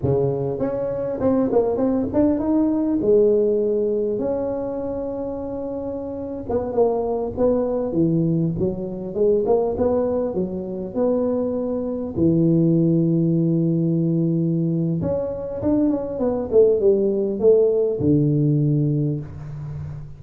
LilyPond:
\new Staff \with { instrumentName = "tuba" } { \time 4/4 \tempo 4 = 100 cis4 cis'4 c'8 ais8 c'8 d'8 | dis'4 gis2 cis'4~ | cis'2~ cis'8. b8 ais8.~ | ais16 b4 e4 fis4 gis8 ais16~ |
ais16 b4 fis4 b4.~ b16~ | b16 e2.~ e8.~ | e4 cis'4 d'8 cis'8 b8 a8 | g4 a4 d2 | }